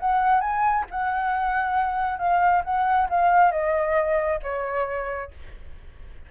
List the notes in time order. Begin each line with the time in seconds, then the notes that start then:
0.00 F#5
0.41 G#5
0.91 F#5
2.19 F5
2.65 F#5
3.09 F5
3.52 D#5
4.43 C#5